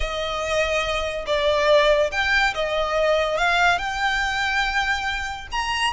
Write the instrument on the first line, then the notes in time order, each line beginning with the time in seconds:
violin
0.00 D#5
1.26 D5
2.11 G5
2.54 D#5
3.37 F5
3.78 G5
5.51 A#5